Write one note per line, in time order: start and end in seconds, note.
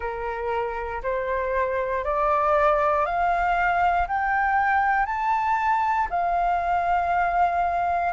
0.00 1.02 A#4
1.03 2.04 C5
2.04 3.05 D5
3.05 4.07 F5
4.07 5.06 G5
5.06 6.07 A5
6.10 8.13 F5